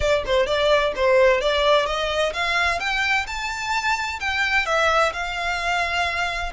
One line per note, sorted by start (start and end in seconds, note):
0.00 0.23 D5
0.26 0.46 C5
0.46 0.92 D5
0.95 1.40 C5
1.40 1.86 D5
1.86 2.32 D#5
2.33 2.79 F5
2.79 3.26 G5
3.26 4.19 A5
4.20 4.66 G5
4.66 5.12 E5
5.12 6.52 F5